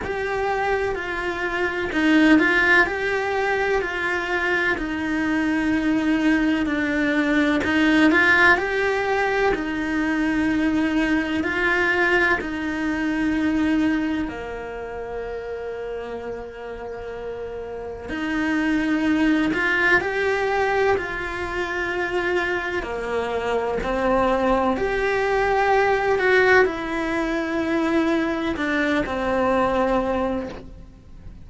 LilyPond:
\new Staff \with { instrumentName = "cello" } { \time 4/4 \tempo 4 = 63 g'4 f'4 dis'8 f'8 g'4 | f'4 dis'2 d'4 | dis'8 f'8 g'4 dis'2 | f'4 dis'2 ais4~ |
ais2. dis'4~ | dis'8 f'8 g'4 f'2 | ais4 c'4 g'4. fis'8 | e'2 d'8 c'4. | }